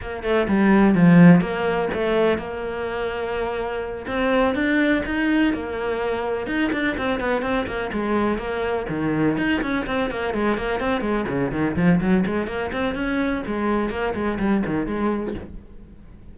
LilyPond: \new Staff \with { instrumentName = "cello" } { \time 4/4 \tempo 4 = 125 ais8 a8 g4 f4 ais4 | a4 ais2.~ | ais8 c'4 d'4 dis'4 ais8~ | ais4. dis'8 d'8 c'8 b8 c'8 |
ais8 gis4 ais4 dis4 dis'8 | cis'8 c'8 ais8 gis8 ais8 c'8 gis8 cis8 | dis8 f8 fis8 gis8 ais8 c'8 cis'4 | gis4 ais8 gis8 g8 dis8 gis4 | }